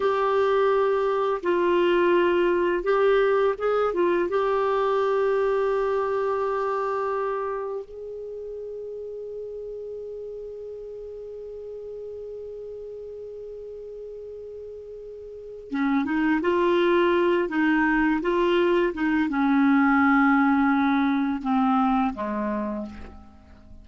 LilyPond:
\new Staff \with { instrumentName = "clarinet" } { \time 4/4 \tempo 4 = 84 g'2 f'2 | g'4 gis'8 f'8 g'2~ | g'2. gis'4~ | gis'1~ |
gis'1~ | gis'2 cis'8 dis'8 f'4~ | f'8 dis'4 f'4 dis'8 cis'4~ | cis'2 c'4 gis4 | }